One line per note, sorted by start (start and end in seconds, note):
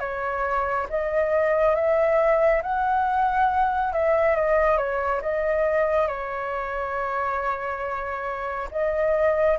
0.00 0.87 C#5
0.90 1.75 D#5
1.75 2.62 E5
2.62 3.93 F#5
3.93 4.36 E5
4.36 4.78 D#5
4.78 5.21 C#5
5.22 6.08 D#5
6.08 8.69 C#5
8.72 9.58 D#5